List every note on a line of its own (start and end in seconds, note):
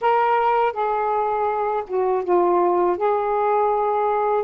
0.01 0.72 A#4
0.72 1.83 G#4
1.87 2.24 F#4
2.24 2.97 F4
2.97 4.44 G#4